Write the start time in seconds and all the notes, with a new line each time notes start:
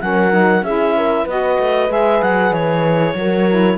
0.00 F#3 C#4 A#4 F#5
0.31 D#4
0.62 C#4 E4 G#4 E5
0.96 A#4
1.23 B3 F#4 B4 D#5
1.59 A3
1.88 G#3 G#4 E5
2.22 F#3 F#5
2.51 E3 C#5
3.14 F#3 F#4 A#4
3.49 E4